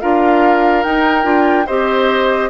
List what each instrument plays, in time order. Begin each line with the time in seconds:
0.00 bassoon D4, clarinet F4, oboe A#4, flute F5
0.83 bassoon D#4, clarinet D#4, flute G5
1.23 bassoon D4, clarinet F4
1.66 bassoon C4, clarinet G4, oboe C5, flute D#5